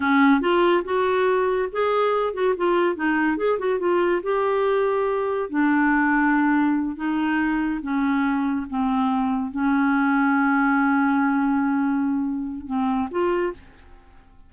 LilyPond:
\new Staff \with { instrumentName = "clarinet" } { \time 4/4 \tempo 4 = 142 cis'4 f'4 fis'2 | gis'4. fis'8 f'4 dis'4 | gis'8 fis'8 f'4 g'2~ | g'4 d'2.~ |
d'8 dis'2 cis'4.~ | cis'8 c'2 cis'4.~ | cis'1~ | cis'2 c'4 f'4 | }